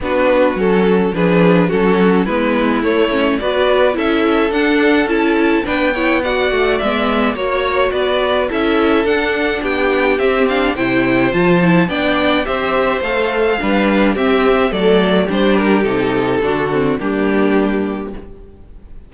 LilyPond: <<
  \new Staff \with { instrumentName = "violin" } { \time 4/4 \tempo 4 = 106 b'4 a'4 b'4 a'4 | b'4 cis''4 d''4 e''4 | fis''4 a''4 g''4 fis''4 | e''4 cis''4 d''4 e''4 |
fis''4 g''4 e''8 f''8 g''4 | a''4 g''4 e''4 f''4~ | f''4 e''4 d''4 c''8 ais'8 | a'2 g'2 | }
  \new Staff \with { instrumentName = "violin" } { \time 4/4 fis'2 gis'4 fis'4 | e'2 b'4 a'4~ | a'2 b'8 cis''8 d''4~ | d''4 cis''4 b'4 a'4~ |
a'4 g'2 c''4~ | c''4 d''4 c''2 | b'4 g'4 a'4 g'4~ | g'4 fis'4 d'2 | }
  \new Staff \with { instrumentName = "viola" } { \time 4/4 d'4 cis'4 d'4 cis'4 | b4 a8 cis'8 fis'4 e'4 | d'4 e'4 d'8 e'8 fis'4 | b4 fis'2 e'4 |
d'2 c'8 d'8 e'4 | f'8 e'8 d'4 g'4 a'4 | d'4 c'4 a4 d'4 | dis'4 d'8 c'8 ais2 | }
  \new Staff \with { instrumentName = "cello" } { \time 4/4 b4 fis4 f4 fis4 | gis4 a4 b4 cis'4 | d'4 cis'4 b4. a8 | gis4 ais4 b4 cis'4 |
d'4 b4 c'4 c4 | f4 b4 c'4 a4 | g4 c'4 fis4 g4 | c4 d4 g2 | }
>>